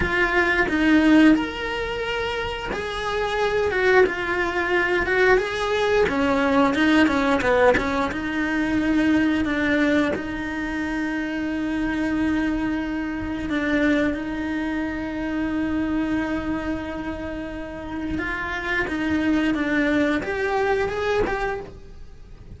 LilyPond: \new Staff \with { instrumentName = "cello" } { \time 4/4 \tempo 4 = 89 f'4 dis'4 ais'2 | gis'4. fis'8 f'4. fis'8 | gis'4 cis'4 dis'8 cis'8 b8 cis'8 | dis'2 d'4 dis'4~ |
dis'1 | d'4 dis'2.~ | dis'2. f'4 | dis'4 d'4 g'4 gis'8 g'8 | }